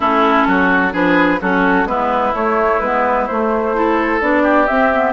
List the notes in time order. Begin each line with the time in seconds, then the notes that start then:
0.00 A3 C#4 E4 A4
0.47 F#3 F#4
0.92 F3 D4 G#4 B4
1.41 F#3 C#4 F#4 A4
1.85 G#3 B3 E4 B4
2.34 A3 C#5
2.79 G#3 B3 B4
3.26 A3 C5
3.74 E4 A4
4.20 B3 D4 D5
4.42 G4
4.66 C4 E5
4.92 B3